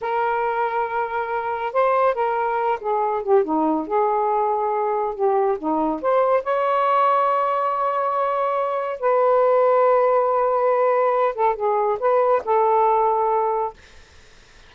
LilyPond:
\new Staff \with { instrumentName = "saxophone" } { \time 4/4 \tempo 4 = 140 ais'1 | c''4 ais'4. gis'4 g'8 | dis'4 gis'2. | g'4 dis'4 c''4 cis''4~ |
cis''1~ | cis''4 b'2.~ | b'2~ b'8 a'8 gis'4 | b'4 a'2. | }